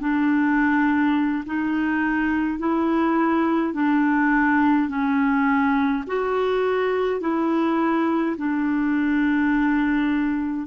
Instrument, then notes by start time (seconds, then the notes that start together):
clarinet
0.00 D4
1.46 D#4
2.59 E4
3.73 D4
4.88 C#4
6.07 F#4
7.21 E4
8.37 D4